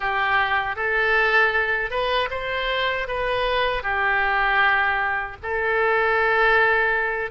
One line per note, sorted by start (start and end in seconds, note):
0.00 0.76 G4
0.76 1.90 A4
1.90 2.29 B4
2.30 3.07 C5
3.07 3.82 B4
3.82 5.36 G4
5.42 7.30 A4